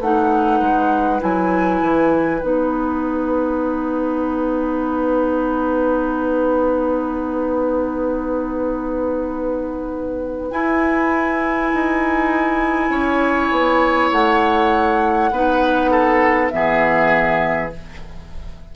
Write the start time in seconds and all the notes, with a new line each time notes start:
0.00 A3 D#4 B4 F#5
0.60 G#3
1.20 F#3 E4 G#5
1.81 E3
2.41 B3 D#4 F#5
10.51 E4 G#5
11.73 D#4
12.89 C#4 C#5
13.51 B3
14.11 A3 F#5
15.31 B3 D#4 B4
15.91 A4
16.49 E3 B3 E5
16.55 G#4